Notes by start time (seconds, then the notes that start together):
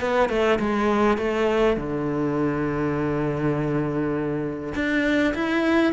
0.00 B3
0.29 A3
0.59 G#3
1.17 A3
1.77 D3
4.74 D4
5.34 E4